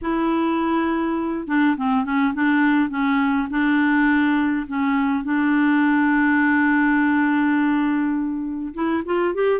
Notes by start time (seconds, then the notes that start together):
0.01 E4
1.47 D4
1.76 C4
2.04 C#4
2.34 D4
2.89 C#4
3.50 D4
4.67 C#4
5.23 D4
8.74 E4
9.05 F4
9.34 G4